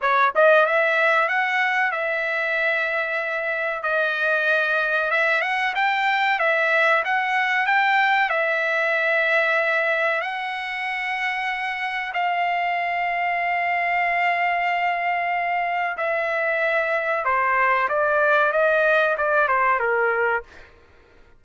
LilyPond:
\new Staff \with { instrumentName = "trumpet" } { \time 4/4 \tempo 4 = 94 cis''8 dis''8 e''4 fis''4 e''4~ | e''2 dis''2 | e''8 fis''8 g''4 e''4 fis''4 | g''4 e''2. |
fis''2. f''4~ | f''1~ | f''4 e''2 c''4 | d''4 dis''4 d''8 c''8 ais'4 | }